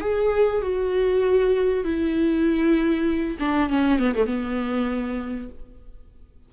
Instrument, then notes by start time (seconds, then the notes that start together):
viola
0.00 G#4
0.61 F#4
1.84 E4
3.39 D4
3.69 C#4
3.99 B3
4.14 A3
4.26 B3